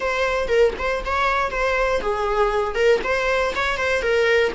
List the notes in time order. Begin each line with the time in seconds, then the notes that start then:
0.00 C5
0.48 A#4
0.78 C5
1.05 C#5
1.50 C5
2.01 G#4
2.75 A#4
3.03 C5
3.55 C#5
3.77 C5
4.02 A#4